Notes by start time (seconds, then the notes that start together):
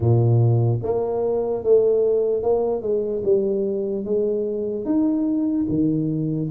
0.00 A#2
0.82 A#3
1.63 A3
2.43 A#3
2.82 G#3
3.24 G3
4.04 G#3
4.85 D#4
5.68 D#3